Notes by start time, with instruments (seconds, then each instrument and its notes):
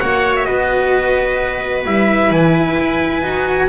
0.00 double bass A#3, cello F#4, viola C#5, trumpet F#5
0.36 trumpet E5
0.46 double bass B3, viola B4, trumpet D#5
1.86 double bass G3, cello E4, trumpet E5
2.31 double bass E3, trumpet G#5
2.80 double bass E4
3.23 double bass D#4, cello F#4